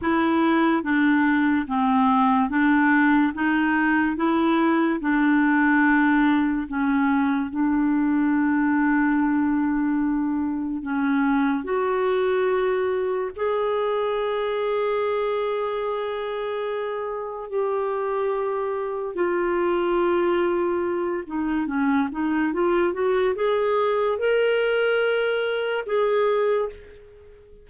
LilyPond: \new Staff \with { instrumentName = "clarinet" } { \time 4/4 \tempo 4 = 72 e'4 d'4 c'4 d'4 | dis'4 e'4 d'2 | cis'4 d'2.~ | d'4 cis'4 fis'2 |
gis'1~ | gis'4 g'2 f'4~ | f'4. dis'8 cis'8 dis'8 f'8 fis'8 | gis'4 ais'2 gis'4 | }